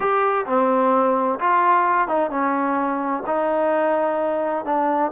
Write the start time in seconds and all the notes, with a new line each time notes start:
0.00 G4
0.46 C4
1.39 F4
2.07 D#4
2.30 C#4
3.26 D#4
4.65 D4